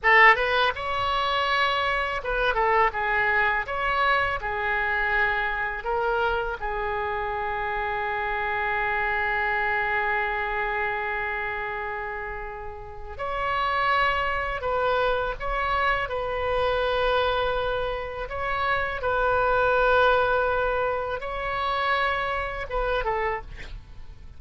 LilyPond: \new Staff \with { instrumentName = "oboe" } { \time 4/4 \tempo 4 = 82 a'8 b'8 cis''2 b'8 a'8 | gis'4 cis''4 gis'2 | ais'4 gis'2.~ | gis'1~ |
gis'2 cis''2 | b'4 cis''4 b'2~ | b'4 cis''4 b'2~ | b'4 cis''2 b'8 a'8 | }